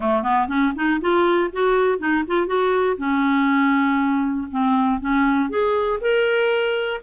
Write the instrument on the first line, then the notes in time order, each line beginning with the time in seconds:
clarinet
0.00 A3
0.22 B3
0.47 C#4
0.75 D#4
1.00 F4
1.52 F#4
1.98 D#4
2.27 F4
2.46 F#4
2.97 C#4
4.50 C4
5.00 C#4
5.49 G#4
6.00 A#4